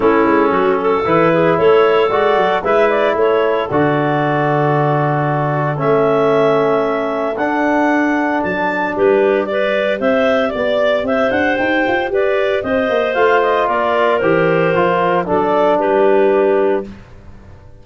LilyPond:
<<
  \new Staff \with { instrumentName = "clarinet" } { \time 4/4 \tempo 4 = 114 a'2 b'4 cis''4 | d''4 e''8 d''8 cis''4 d''4~ | d''2. e''4~ | e''2 fis''2 |
a''4 b'4 d''4 e''4 | d''4 e''8 fis''8 g''4 d''4 | dis''4 f''8 dis''8 d''4 c''4~ | c''4 d''4 b'2 | }
  \new Staff \with { instrumentName = "clarinet" } { \time 4/4 e'4 fis'8 a'4 gis'8 a'4~ | a'4 b'4 a'2~ | a'1~ | a'1~ |
a'4 g'4 b'4 c''4 | d''4 c''2 b'4 | c''2 ais'2~ | ais'4 a'4 g'2 | }
  \new Staff \with { instrumentName = "trombone" } { \time 4/4 cis'2 e'2 | fis'4 e'2 fis'4~ | fis'2. cis'4~ | cis'2 d'2~ |
d'2 g'2~ | g'1~ | g'4 f'2 g'4 | f'4 d'2. | }
  \new Staff \with { instrumentName = "tuba" } { \time 4/4 a8 gis8 fis4 e4 a4 | gis8 fis8 gis4 a4 d4~ | d2. a4~ | a2 d'2 |
fis4 g2 c'4 | b4 c'8 d'8 dis'8 f'8 g'4 | c'8 ais8 a4 ais4 e4 | f4 fis4 g2 | }
>>